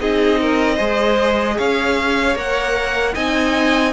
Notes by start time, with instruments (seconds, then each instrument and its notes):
0.00 cello C4, viola D#4, violin G#4 D#5
0.41 violin A#4
0.75 cello G#3, viola G#4, violin C5
1.58 cello C#4, violin C#5 F5
2.35 cello A#3, viola A#4, violin F#5
3.14 cello C4, viola D#4, violin D#5 G#5